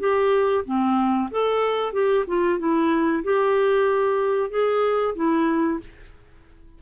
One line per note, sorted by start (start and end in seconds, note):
0.00 0.65 G4
0.65 1.30 C4
1.31 1.93 A4
1.93 2.25 G4
2.27 2.59 F4
2.59 3.23 E4
3.24 4.50 G4
4.50 5.15 G#4
5.15 5.80 E4